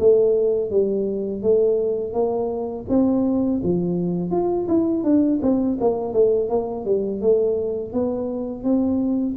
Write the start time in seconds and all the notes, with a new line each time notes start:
0.00 A3
0.71 G3
1.43 A3
2.14 A#3
2.89 C4
3.64 F3
4.31 F4
4.69 E4
5.04 D4
5.42 C4
5.81 A#3
6.13 A3
6.50 A#3
6.86 G3
7.22 A3
7.93 B3
8.64 C4